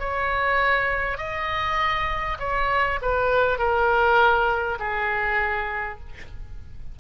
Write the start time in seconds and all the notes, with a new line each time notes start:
0.00 C#5
1.18 D#5
2.40 C#5
3.02 B4
3.59 A#4
4.80 G#4